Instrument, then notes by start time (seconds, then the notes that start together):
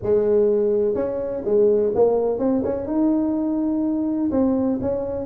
tuba
0.02 G#3
0.94 C#4
1.44 G#3
1.95 A#3
2.38 C4
2.64 C#4
2.86 D#4
4.31 C4
4.81 C#4